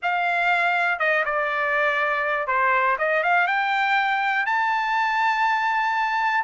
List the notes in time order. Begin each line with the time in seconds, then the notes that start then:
0.02 F5
0.99 D#5
1.25 D5
2.47 C5
2.98 D#5
3.23 F5
3.47 G5
4.46 A5